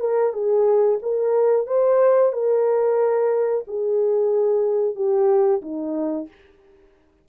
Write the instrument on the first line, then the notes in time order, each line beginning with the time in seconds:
horn
0.00 A#4
0.33 G#4
1.02 A#4
1.67 C5
2.33 A#4
3.67 G#4
4.95 G4
5.62 D#4